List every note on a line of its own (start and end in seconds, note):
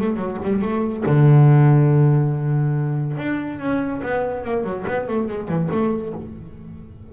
0.00 0.16 A3
0.16 0.37 F#3
0.43 0.61 G3
0.61 1.04 A3
1.06 3.17 D3
3.17 3.59 D4
3.59 4.01 C#4
4.02 4.44 B3
4.44 4.64 A#3
4.64 4.85 F#3
4.87 5.08 B3
5.08 5.28 A3
5.28 5.48 G#3
5.48 5.69 E3
5.71 6.13 A3